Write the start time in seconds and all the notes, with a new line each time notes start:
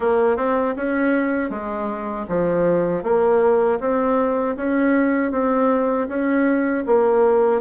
0.00 A#3
0.36 C4
0.76 C#4
1.50 G#3
2.28 F3
3.03 A#3
3.80 C4
4.56 C#4
5.31 C4
6.08 C#4
6.86 A#3